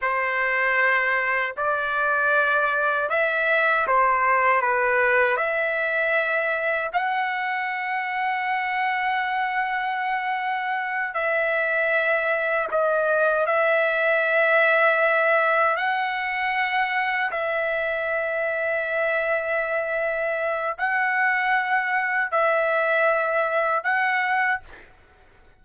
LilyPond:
\new Staff \with { instrumentName = "trumpet" } { \time 4/4 \tempo 4 = 78 c''2 d''2 | e''4 c''4 b'4 e''4~ | e''4 fis''2.~ | fis''2~ fis''8 e''4.~ |
e''8 dis''4 e''2~ e''8~ | e''8 fis''2 e''4.~ | e''2. fis''4~ | fis''4 e''2 fis''4 | }